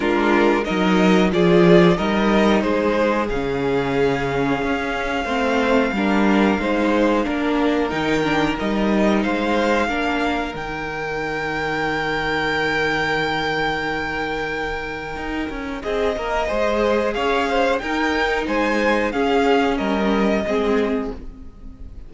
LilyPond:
<<
  \new Staff \with { instrumentName = "violin" } { \time 4/4 \tempo 4 = 91 ais'4 dis''4 d''4 dis''4 | c''4 f''2.~ | f''1 | g''4 dis''4 f''2 |
g''1~ | g''1 | dis''2 f''4 g''4 | gis''4 f''4 dis''2 | }
  \new Staff \with { instrumentName = "violin" } { \time 4/4 f'4 ais'4 gis'4 ais'4 | gis'1 | c''4 ais'4 c''4 ais'4~ | ais'2 c''4 ais'4~ |
ais'1~ | ais'1 | gis'8 ais'8 c''4 cis''8 c''8 ais'4 | c''4 gis'4 ais'4 gis'4 | }
  \new Staff \with { instrumentName = "viola" } { \time 4/4 d'4 dis'4 f'4 dis'4~ | dis'4 cis'2. | c'4 d'4 dis'4 d'4 | dis'8 d'8 dis'2 d'4 |
dis'1~ | dis'1~ | dis'4 gis'2 dis'4~ | dis'4 cis'2 c'4 | }
  \new Staff \with { instrumentName = "cello" } { \time 4/4 gis4 fis4 f4 g4 | gis4 cis2 cis'4 | a4 g4 gis4 ais4 | dis4 g4 gis4 ais4 |
dis1~ | dis2. dis'8 cis'8 | c'8 ais8 gis4 cis'4 dis'4 | gis4 cis'4 g4 gis4 | }
>>